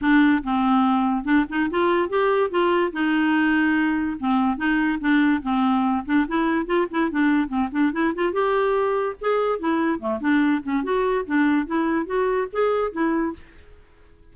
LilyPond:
\new Staff \with { instrumentName = "clarinet" } { \time 4/4 \tempo 4 = 144 d'4 c'2 d'8 dis'8 | f'4 g'4 f'4 dis'4~ | dis'2 c'4 dis'4 | d'4 c'4. d'8 e'4 |
f'8 e'8 d'4 c'8 d'8 e'8 f'8 | g'2 gis'4 e'4 | a8 d'4 cis'8 fis'4 d'4 | e'4 fis'4 gis'4 e'4 | }